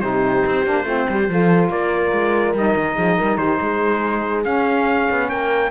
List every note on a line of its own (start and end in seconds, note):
0.00 0.44 C3
0.00 0.64 D#4
0.00 0.85 G4
0.00 1.69 C5
0.45 0.66 C4
0.64 0.84 A#3
0.64 0.85 D4
0.84 1.05 A3
0.84 1.28 C4
0.84 1.07 F4
1.09 1.28 G3
1.09 1.31 G4
1.28 1.69 F3
1.28 2.55 F4
1.28 1.71 A4
1.69 2.11 A#3
1.69 2.96 A#4
1.69 2.55 D5
2.12 2.53 G#3
2.53 2.74 G3
2.53 4.43 D#4
2.53 3.37 D#5
2.75 2.96 D#3
2.96 3.18 F3
2.96 3.17 G#4
3.17 3.37 G3
3.17 3.37 A#4
3.37 3.58 D#3
3.37 3.58 G4
3.37 4.42 C5
3.61 4.45 G#3
3.61 5.29 G#4
4.43 5.70 C#4
4.43 5.08 C#4
4.43 5.29 F5
5.10 5.32 B3
5.29 5.71 A#3
5.29 5.71 A#4
5.29 5.71 G5